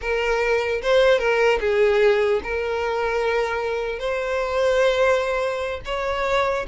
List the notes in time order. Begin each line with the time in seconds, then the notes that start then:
0.01 A#4
0.82 C5
1.18 A#4
1.60 G#4
2.43 A#4
3.99 C5
5.85 C#5